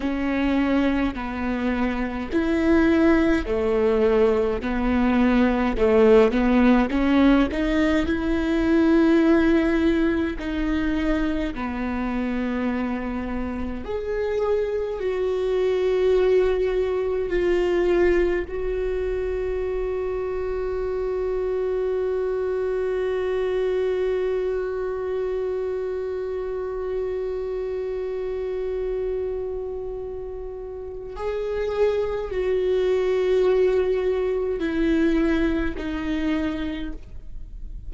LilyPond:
\new Staff \with { instrumentName = "viola" } { \time 4/4 \tempo 4 = 52 cis'4 b4 e'4 a4 | b4 a8 b8 cis'8 dis'8 e'4~ | e'4 dis'4 b2 | gis'4 fis'2 f'4 |
fis'1~ | fis'1~ | fis'2. gis'4 | fis'2 e'4 dis'4 | }